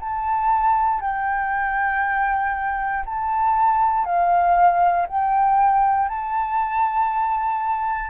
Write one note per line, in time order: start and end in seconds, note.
0.00 1.01 A5
1.01 3.05 G5
3.06 4.05 A5
4.05 5.07 F5
5.08 6.09 G5
6.09 8.10 A5